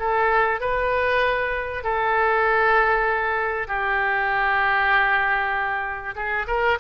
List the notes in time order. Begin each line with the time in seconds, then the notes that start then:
0.00 A4
0.61 B4
1.84 A4
3.68 G4
6.16 G#4
6.48 A#4